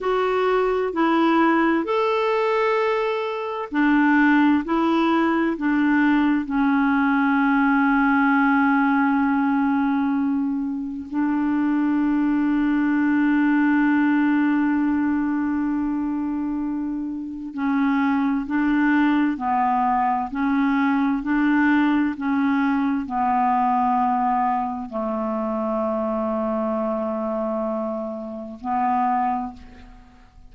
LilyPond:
\new Staff \with { instrumentName = "clarinet" } { \time 4/4 \tempo 4 = 65 fis'4 e'4 a'2 | d'4 e'4 d'4 cis'4~ | cis'1 | d'1~ |
d'2. cis'4 | d'4 b4 cis'4 d'4 | cis'4 b2 a4~ | a2. b4 | }